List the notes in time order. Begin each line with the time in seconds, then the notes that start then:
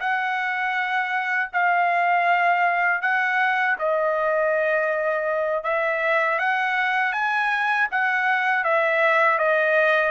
0.00 F#5
1.53 F5
3.01 F#5
3.79 D#5
5.64 E5
6.39 F#5
7.12 G#5
7.91 F#5
8.64 E5
9.38 D#5